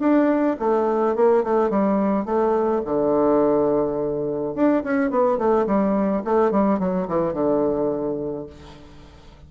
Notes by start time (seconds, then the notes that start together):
0.00 D4
0.59 A3
1.16 A#3
1.44 A3
1.70 G3
2.25 A3
2.86 D3
4.55 D4
4.84 C#4
5.11 B3
5.38 A3
5.67 G3
6.25 A3
6.52 G3
6.80 F#3
7.08 E3
7.34 D3